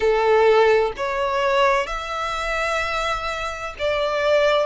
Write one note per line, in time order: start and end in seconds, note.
0.00 0.92 A4
0.96 1.86 C#5
1.86 3.74 E5
3.78 4.66 D5